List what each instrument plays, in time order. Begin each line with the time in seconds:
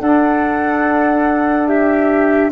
0.00 tuba D4, saxophone D4, trumpet A4, flute F#5
1.67 trumpet G4, flute E5